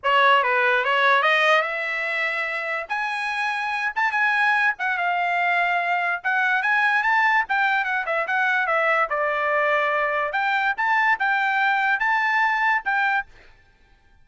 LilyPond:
\new Staff \with { instrumentName = "trumpet" } { \time 4/4 \tempo 4 = 145 cis''4 b'4 cis''4 dis''4 | e''2. gis''4~ | gis''4. a''8 gis''4. fis''8 | f''2. fis''4 |
gis''4 a''4 g''4 fis''8 e''8 | fis''4 e''4 d''2~ | d''4 g''4 a''4 g''4~ | g''4 a''2 g''4 | }